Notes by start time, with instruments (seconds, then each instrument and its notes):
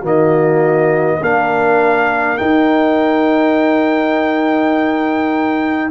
0.00 tuba D#3, trombone A#3, horn F#4, trumpet D#5
1.21 tuba A#3, trombone D4, horn A#4, trumpet F5
2.37 trombone D#4, tuba D#4, trumpet G5